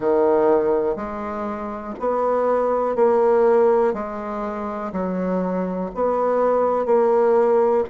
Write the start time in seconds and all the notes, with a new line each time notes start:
0.00 D#3
0.96 G#3
1.99 B3
2.95 A#3
3.93 G#3
4.92 F#3
5.94 B3
6.85 A#3